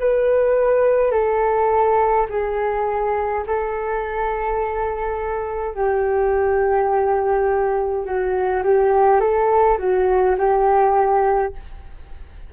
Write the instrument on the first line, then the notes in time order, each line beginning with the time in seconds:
flute
0.00 B4
1.12 A4
2.29 G#4
3.47 A4
5.75 G4
8.06 F#4
8.63 G4
9.20 A4
9.79 F#4
10.38 G4